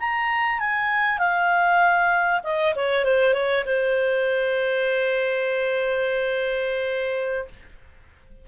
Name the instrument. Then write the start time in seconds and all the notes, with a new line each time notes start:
clarinet
0.00 A#5
0.60 G#5
1.19 F5
2.44 D#5
2.76 C#5
3.05 C5
3.34 C#5
3.66 C5